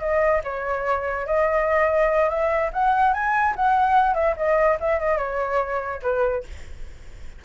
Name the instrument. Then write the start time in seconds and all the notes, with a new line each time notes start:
flute
0.00 D#5
0.44 C#5
1.26 D#5
2.29 E5
2.73 F#5
3.13 G#5
3.56 F#5
4.14 E5
4.36 D#5
4.80 E5
4.99 D#5
5.17 C#5
6.02 B4